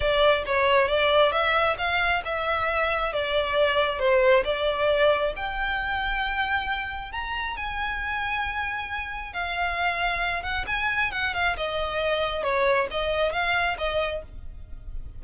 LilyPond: \new Staff \with { instrumentName = "violin" } { \time 4/4 \tempo 4 = 135 d''4 cis''4 d''4 e''4 | f''4 e''2 d''4~ | d''4 c''4 d''2 | g''1 |
ais''4 gis''2.~ | gis''4 f''2~ f''8 fis''8 | gis''4 fis''8 f''8 dis''2 | cis''4 dis''4 f''4 dis''4 | }